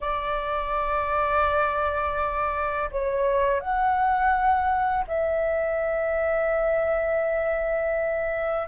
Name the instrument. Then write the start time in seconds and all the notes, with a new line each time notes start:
flute
0.00 D5
2.91 C#5
3.60 F#5
5.07 E5